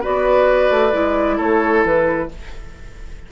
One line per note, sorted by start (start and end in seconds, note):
0.00 0.92 F#4
0.00 1.36 B4
0.00 1.39 D5
0.06 0.70 B3
0.70 0.92 A3
0.92 1.39 G#3
0.92 2.28 E4
1.37 1.84 A3
1.37 2.28 A4
1.37 1.84 C#5
1.84 2.29 E3
1.84 2.31 B4